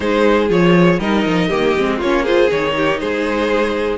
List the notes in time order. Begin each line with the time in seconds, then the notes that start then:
0.00 G#3 D#4 G#4 C5
0.49 F3 F4 C#5
0.99 G3 D#4 A#4 D#5
1.25 F3
1.48 D#3 A#3 G4
1.76 G#3 C4
1.98 A#3 C#4 F4 C#5
2.22 F4 G#4 C5
2.48 D#3 D#4 C#5
2.76 G4
2.99 G#3 G#4 C5